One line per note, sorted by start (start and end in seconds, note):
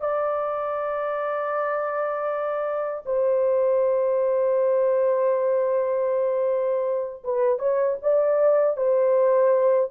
0.00 3.04 D5
3.06 7.24 C5
7.24 7.59 B4
7.59 7.97 C#5
8.02 8.77 D5
8.77 9.91 C5